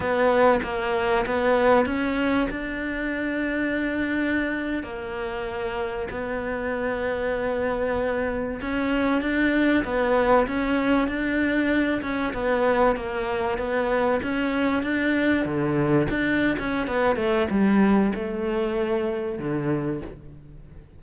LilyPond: \new Staff \with { instrumentName = "cello" } { \time 4/4 \tempo 4 = 96 b4 ais4 b4 cis'4 | d'2.~ d'8. ais16~ | ais4.~ ais16 b2~ b16~ | b4.~ b16 cis'4 d'4 b16~ |
b8. cis'4 d'4. cis'8 b16~ | b8. ais4 b4 cis'4 d'16~ | d'8. d4 d'8. cis'8 b8 a8 | g4 a2 d4 | }